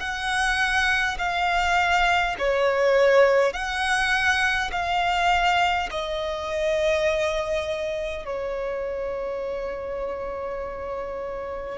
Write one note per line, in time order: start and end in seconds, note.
0.00 1.18 F#5
1.18 2.36 F5
2.39 3.53 C#5
3.53 4.71 F#5
4.72 5.89 F5
5.90 8.25 D#5
8.25 11.78 C#5